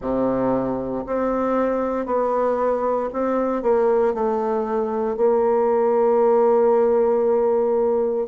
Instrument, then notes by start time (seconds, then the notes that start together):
bassoon
0.00 C3
1.06 C4
2.05 B3
3.13 C4
3.62 A#3
4.14 A3
5.17 A#3